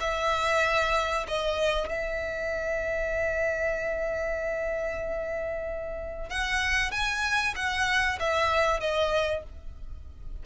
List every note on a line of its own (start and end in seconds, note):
0.00 1.26 E5
1.28 1.89 D#5
1.89 6.30 E5
6.30 6.91 F#5
6.91 7.54 G#5
7.56 8.19 F#5
8.20 8.80 E5
8.80 9.43 D#5